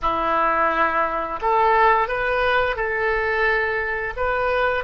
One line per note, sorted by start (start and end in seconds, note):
0.02 1.39 E4
1.41 2.08 A4
2.08 2.76 B4
2.76 4.13 A4
4.16 4.83 B4